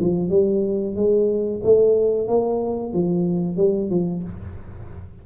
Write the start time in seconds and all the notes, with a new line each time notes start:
0.00 F3
0.30 G3
0.96 G#3
1.64 A3
2.27 A#3
2.93 F3
3.57 G3
3.90 F3